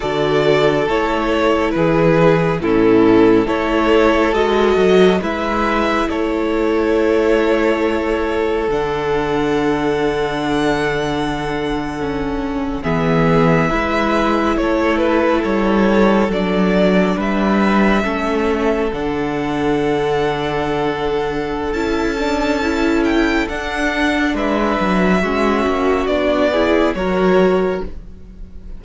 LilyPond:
<<
  \new Staff \with { instrumentName = "violin" } { \time 4/4 \tempo 4 = 69 d''4 cis''4 b'4 a'4 | cis''4 dis''4 e''4 cis''4~ | cis''2 fis''2~ | fis''2~ fis''8. e''4~ e''16~ |
e''8. cis''8 b'8 cis''4 d''4 e''16~ | e''4.~ e''16 fis''2~ fis''16~ | fis''4 a''4. g''8 fis''4 | e''2 d''4 cis''4 | }
  \new Staff \with { instrumentName = "violin" } { \time 4/4 a'2 gis'4 e'4 | a'2 b'4 a'4~ | a'1~ | a'2~ a'8. gis'4 b'16~ |
b'8. a'2. b'16~ | b'8. a'2.~ a'16~ | a'1 | b'4 fis'4. gis'8 ais'4 | }
  \new Staff \with { instrumentName = "viola" } { \time 4/4 fis'4 e'2 cis'4 | e'4 fis'4 e'2~ | e'2 d'2~ | d'4.~ d'16 cis'4 b4 e'16~ |
e'2~ e'8. d'4~ d'16~ | d'8. cis'4 d'2~ d'16~ | d'4 e'8 d'8 e'4 d'4~ | d'4 cis'4 d'8 e'8 fis'4 | }
  \new Staff \with { instrumentName = "cello" } { \time 4/4 d4 a4 e4 a,4 | a4 gis8 fis8 gis4 a4~ | a2 d2~ | d2~ d8. e4 gis16~ |
gis8. a4 g4 fis4 g16~ | g8. a4 d2~ d16~ | d4 cis'2 d'4 | gis8 fis8 gis8 ais8 b4 fis4 | }
>>